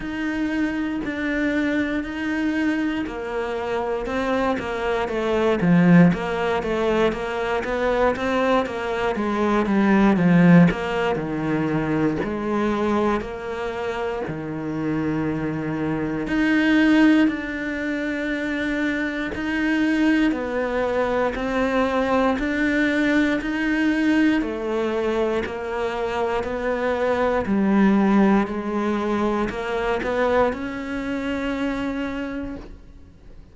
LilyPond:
\new Staff \with { instrumentName = "cello" } { \time 4/4 \tempo 4 = 59 dis'4 d'4 dis'4 ais4 | c'8 ais8 a8 f8 ais8 a8 ais8 b8 | c'8 ais8 gis8 g8 f8 ais8 dis4 | gis4 ais4 dis2 |
dis'4 d'2 dis'4 | b4 c'4 d'4 dis'4 | a4 ais4 b4 g4 | gis4 ais8 b8 cis'2 | }